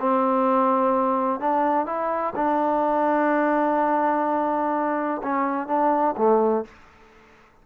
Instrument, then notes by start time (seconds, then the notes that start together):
trombone
0.00 C4
1.40 D4
1.86 E4
2.36 D4
5.23 C#4
5.68 D4
6.17 A3